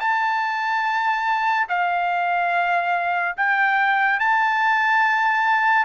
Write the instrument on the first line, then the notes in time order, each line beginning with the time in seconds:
trumpet
0.00 A5
1.69 F5
3.37 G5
4.20 A5